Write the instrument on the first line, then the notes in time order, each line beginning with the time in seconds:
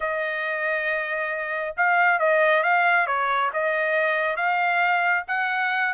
trumpet
0.00 D#5
1.76 F5
2.19 D#5
2.63 F5
3.07 C#5
3.53 D#5
4.36 F5
5.27 F#5